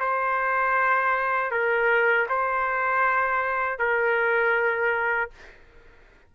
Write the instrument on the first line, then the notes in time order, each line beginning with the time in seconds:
trumpet
0.00 C5
1.51 A#4
2.29 C5
3.79 A#4